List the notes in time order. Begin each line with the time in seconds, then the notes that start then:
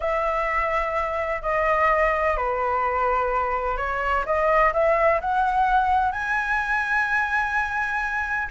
0.00 E5
1.42 D#5
2.36 B4
3.77 C#5
4.25 D#5
4.73 E5
5.20 F#5
6.12 G#5